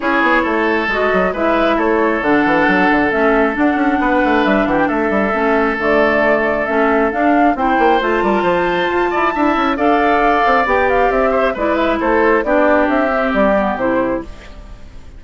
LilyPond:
<<
  \new Staff \with { instrumentName = "flute" } { \time 4/4 \tempo 4 = 135 cis''2 dis''4 e''4 | cis''4 fis''2 e''4 | fis''2 e''8 fis''16 g''16 e''4~ | e''4 d''2 e''4 |
f''4 g''4 a''2~ | a''2 f''2 | g''8 f''8 e''4 d''8 e''8 c''4 | d''4 e''4 d''4 c''4 | }
  \new Staff \with { instrumentName = "oboe" } { \time 4/4 gis'4 a'2 b'4 | a'1~ | a'4 b'4. g'8 a'4~ | a'1~ |
a'4 c''4. ais'8 c''4~ | c''8 d''8 e''4 d''2~ | d''4. c''8 b'4 a'4 | g'1 | }
  \new Staff \with { instrumentName = "clarinet" } { \time 4/4 e'2 fis'4 e'4~ | e'4 d'2 cis'4 | d'1 | cis'4 a2 cis'4 |
d'4 e'4 f'2~ | f'4 e'4 a'2 | g'2 e'2 | d'4. c'4 b8 e'4 | }
  \new Staff \with { instrumentName = "bassoon" } { \time 4/4 cis'8 b8 a4 gis8 fis8 gis4 | a4 d8 e8 fis8 d8 a4 | d'8 cis'8 b8 a8 g8 e8 a8 g8 | a4 d2 a4 |
d'4 c'8 ais8 a8 g8 f4 | f'8 e'8 d'8 cis'8 d'4. c'8 | b4 c'4 gis4 a4 | b4 c'4 g4 c4 | }
>>